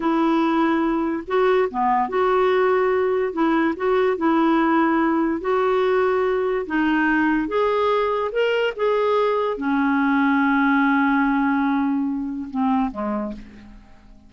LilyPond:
\new Staff \with { instrumentName = "clarinet" } { \time 4/4 \tempo 4 = 144 e'2. fis'4 | b4 fis'2. | e'4 fis'4 e'2~ | e'4 fis'2. |
dis'2 gis'2 | ais'4 gis'2 cis'4~ | cis'1~ | cis'2 c'4 gis4 | }